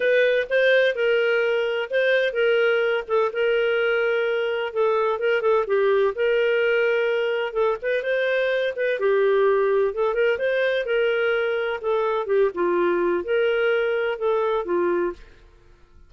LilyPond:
\new Staff \with { instrumentName = "clarinet" } { \time 4/4 \tempo 4 = 127 b'4 c''4 ais'2 | c''4 ais'4. a'8 ais'4~ | ais'2 a'4 ais'8 a'8 | g'4 ais'2. |
a'8 b'8 c''4. b'8 g'4~ | g'4 a'8 ais'8 c''4 ais'4~ | ais'4 a'4 g'8 f'4. | ais'2 a'4 f'4 | }